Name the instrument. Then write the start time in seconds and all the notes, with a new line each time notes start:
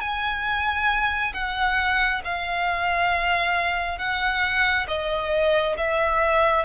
violin
0.00 G#5
1.33 F#5
2.24 F5
3.98 F#5
4.87 D#5
5.77 E5